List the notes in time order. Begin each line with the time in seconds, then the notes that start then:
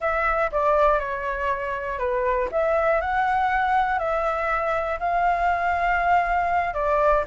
0.00 E5
0.51 D5
0.99 C#5
1.98 B4
2.51 E5
3.00 F#5
3.99 E5
4.99 F5
6.74 D5